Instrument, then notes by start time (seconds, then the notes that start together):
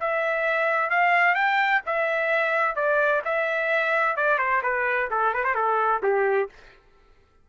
trumpet
0.00 E5
0.90 F5
1.35 G5
1.86 E5
2.75 D5
3.25 E5
4.16 D5
4.39 C5
4.63 B4
5.10 A4
5.34 B4
5.44 C5
5.55 A4
6.03 G4